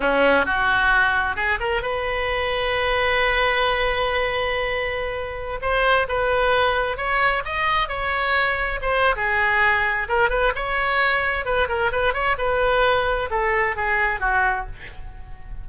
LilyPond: \new Staff \with { instrumentName = "oboe" } { \time 4/4 \tempo 4 = 131 cis'4 fis'2 gis'8 ais'8 | b'1~ | b'1~ | b'16 c''4 b'2 cis''8.~ |
cis''16 dis''4 cis''2 c''8. | gis'2 ais'8 b'8 cis''4~ | cis''4 b'8 ais'8 b'8 cis''8 b'4~ | b'4 a'4 gis'4 fis'4 | }